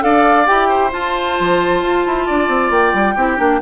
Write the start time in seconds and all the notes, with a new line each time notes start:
0.00 D4 A4 D5 F5
0.46 E4 G4 G5
0.69 C5
0.92 F4 A5
1.40 F3
1.83 F4
2.06 E4
2.26 D4 D5
2.48 C4
2.70 A#3 G5
2.94 G3
3.15 C4 E4 G4
3.38 A#3 D4